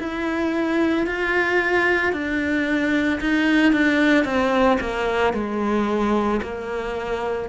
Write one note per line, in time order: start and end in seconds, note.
0.00 1.07 E4
1.07 2.13 F4
2.13 3.20 D4
3.21 3.73 D#4
3.73 4.25 D4
4.25 4.79 C4
4.81 5.34 A#3
5.34 6.41 G#3
6.43 7.50 A#3